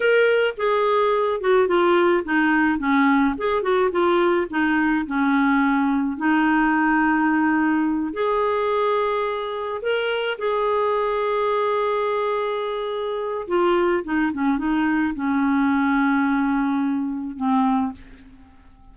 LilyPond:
\new Staff \with { instrumentName = "clarinet" } { \time 4/4 \tempo 4 = 107 ais'4 gis'4. fis'8 f'4 | dis'4 cis'4 gis'8 fis'8 f'4 | dis'4 cis'2 dis'4~ | dis'2~ dis'8 gis'4.~ |
gis'4. ais'4 gis'4.~ | gis'1 | f'4 dis'8 cis'8 dis'4 cis'4~ | cis'2. c'4 | }